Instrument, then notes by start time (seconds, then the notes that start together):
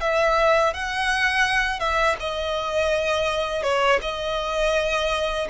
violin
0.00 E5
0.73 F#5
1.79 E5
2.20 D#5
3.63 C#5
4.01 D#5